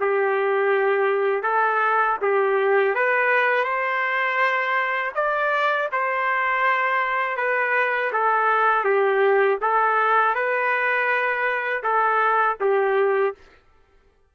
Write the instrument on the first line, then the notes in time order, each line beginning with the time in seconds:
trumpet
0.00 G4
1.43 A4
2.22 G4
2.95 B4
3.64 C5
5.15 D5
5.92 C5
7.37 B4
8.12 A4
8.84 G4
9.61 A4
10.34 B4
11.83 A4
12.60 G4